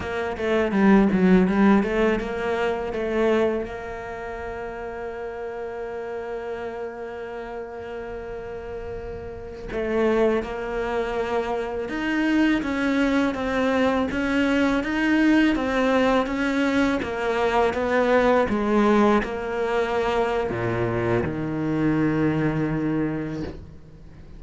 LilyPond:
\new Staff \with { instrumentName = "cello" } { \time 4/4 \tempo 4 = 82 ais8 a8 g8 fis8 g8 a8 ais4 | a4 ais2.~ | ais1~ | ais4~ ais16 a4 ais4.~ ais16~ |
ais16 dis'4 cis'4 c'4 cis'8.~ | cis'16 dis'4 c'4 cis'4 ais8.~ | ais16 b4 gis4 ais4.~ ais16 | ais,4 dis2. | }